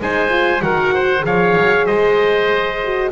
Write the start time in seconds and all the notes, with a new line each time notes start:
0.00 G#3 D#4 C5 G#5
0.29 F4
0.62 D#3 F#4 A#4 F#5
0.95 C5
1.21 F3 G#4 C#5 F5
1.58 F#3
1.87 G#3 C5 D#5
2.83 F#4